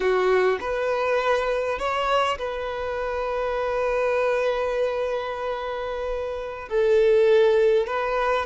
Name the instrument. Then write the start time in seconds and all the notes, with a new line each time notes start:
violin
0.00 F#4
0.60 B4
1.78 C#5
2.38 B4
6.69 A4
7.86 B4